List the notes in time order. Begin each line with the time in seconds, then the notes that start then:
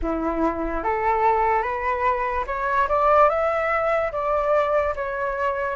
0.02 E4
0.83 A4
1.62 B4
2.47 C#5
2.88 D5
3.29 E5
4.12 D5
4.95 C#5